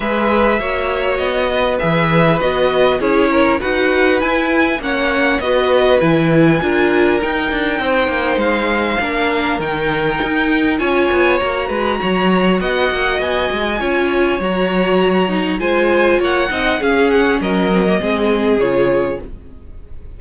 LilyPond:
<<
  \new Staff \with { instrumentName = "violin" } { \time 4/4 \tempo 4 = 100 e''2 dis''4 e''4 | dis''4 cis''4 fis''4 gis''4 | fis''4 dis''4 gis''2 | g''2 f''2 |
g''2 gis''4 ais''4~ | ais''4 fis''4 gis''2 | ais''2 gis''4 fis''4 | f''8 fis''8 dis''2 cis''4 | }
  \new Staff \with { instrumentName = "violin" } { \time 4/4 b'4 cis''4. b'4.~ | b'4 gis'8 ais'8 b'2 | cis''4 b'2 ais'4~ | ais'4 c''2 ais'4~ |
ais'2 cis''4. b'8 | cis''4 dis''2 cis''4~ | cis''2 c''4 cis''8 dis''8 | gis'4 ais'4 gis'2 | }
  \new Staff \with { instrumentName = "viola" } { \time 4/4 gis'4 fis'2 gis'4 | fis'4 e'4 fis'4 e'4 | cis'4 fis'4 e'4 f'4 | dis'2. d'4 |
dis'2 f'4 fis'4~ | fis'2. f'4 | fis'4. dis'8 f'4. dis'8 | cis'4. c'16 ais16 c'4 f'4 | }
  \new Staff \with { instrumentName = "cello" } { \time 4/4 gis4 ais4 b4 e4 | b4 cis'4 dis'4 e'4 | ais4 b4 e4 d'4 | dis'8 d'8 c'8 ais8 gis4 ais4 |
dis4 dis'4 cis'8 b8 ais8 gis8 | fis4 b8 ais8 b8 gis8 cis'4 | fis2 gis4 ais8 c'8 | cis'4 fis4 gis4 cis4 | }
>>